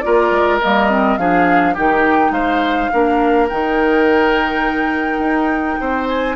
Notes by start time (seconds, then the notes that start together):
0.00 A#3 F4 A#4 D5
0.30 G#3
0.61 G3 A#3 D#5
0.89 C4
1.17 F3 D4 G#4 F5
1.73 D#3 D#4 G4 G5
2.30 G#3 C5 F5
2.91 A#3 D4 A#4
3.48 D#3 D#4 G5
5.18 D#4
5.80 C4 C5
6.07 G#5